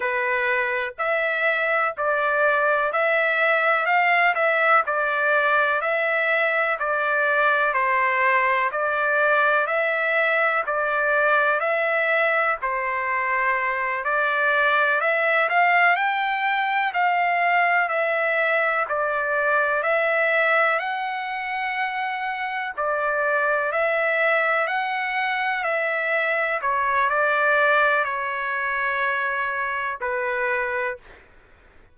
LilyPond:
\new Staff \with { instrumentName = "trumpet" } { \time 4/4 \tempo 4 = 62 b'4 e''4 d''4 e''4 | f''8 e''8 d''4 e''4 d''4 | c''4 d''4 e''4 d''4 | e''4 c''4. d''4 e''8 |
f''8 g''4 f''4 e''4 d''8~ | d''8 e''4 fis''2 d''8~ | d''8 e''4 fis''4 e''4 cis''8 | d''4 cis''2 b'4 | }